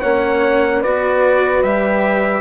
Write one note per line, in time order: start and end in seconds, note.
0.00 0.84 A#3
0.00 0.84 C#4
0.00 0.81 C#5
0.00 0.82 F#5
0.81 1.63 B3
0.81 1.65 F#4
0.81 2.41 B4
0.81 1.63 D5
1.63 2.41 G3
1.63 2.41 G4
1.63 2.41 E5